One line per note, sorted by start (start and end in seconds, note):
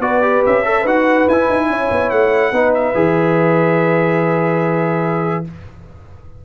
0.00 0.42 B3
0.00 0.22 F#4
0.00 0.67 B4
0.00 0.43 D5
0.22 0.63 G4
0.46 0.84 C#4
0.46 0.87 E5
0.65 0.86 A4
0.65 0.82 C#5
0.82 1.26 D#4
0.82 1.28 F#4
0.82 1.65 B4
0.82 1.28 F#5
1.28 1.49 E4
1.28 2.54 E4
1.28 2.10 G#5
1.49 1.69 D#4
1.69 1.90 C#4
1.69 2.54 C#5
1.91 2.12 B3
2.10 2.52 A3
2.10 2.72 F#5
2.52 2.94 B3
2.52 2.95 D#4
2.52 5.45 B4
2.74 5.45 E5
2.95 5.45 E3
2.95 5.45 G#4